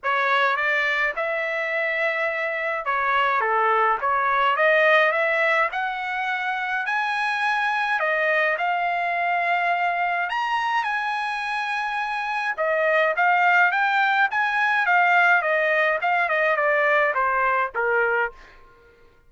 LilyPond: \new Staff \with { instrumentName = "trumpet" } { \time 4/4 \tempo 4 = 105 cis''4 d''4 e''2~ | e''4 cis''4 a'4 cis''4 | dis''4 e''4 fis''2 | gis''2 dis''4 f''4~ |
f''2 ais''4 gis''4~ | gis''2 dis''4 f''4 | g''4 gis''4 f''4 dis''4 | f''8 dis''8 d''4 c''4 ais'4 | }